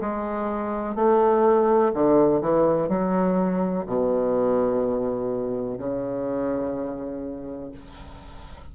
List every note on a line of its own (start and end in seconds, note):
0.00 0.95 G#3
0.95 1.92 A3
1.94 2.41 D3
2.41 2.88 E3
2.88 3.85 F#3
3.86 5.78 B2
5.78 7.71 C#3